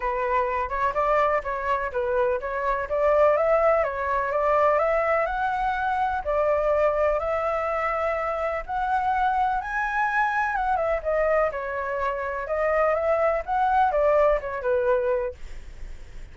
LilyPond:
\new Staff \with { instrumentName = "flute" } { \time 4/4 \tempo 4 = 125 b'4. cis''8 d''4 cis''4 | b'4 cis''4 d''4 e''4 | cis''4 d''4 e''4 fis''4~ | fis''4 d''2 e''4~ |
e''2 fis''2 | gis''2 fis''8 e''8 dis''4 | cis''2 dis''4 e''4 | fis''4 d''4 cis''8 b'4. | }